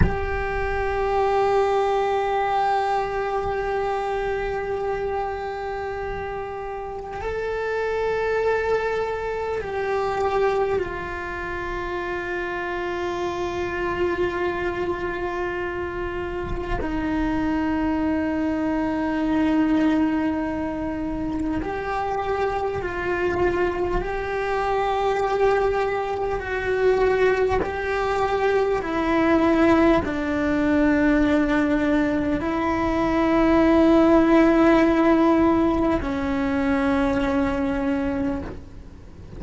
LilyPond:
\new Staff \with { instrumentName = "cello" } { \time 4/4 \tempo 4 = 50 g'1~ | g'2 a'2 | g'4 f'2.~ | f'2 dis'2~ |
dis'2 g'4 f'4 | g'2 fis'4 g'4 | e'4 d'2 e'4~ | e'2 cis'2 | }